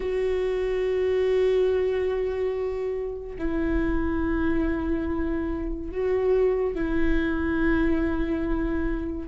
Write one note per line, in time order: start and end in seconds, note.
0.00 3.36 F#4
3.38 5.91 E4
5.91 6.74 F#4
6.74 9.28 E4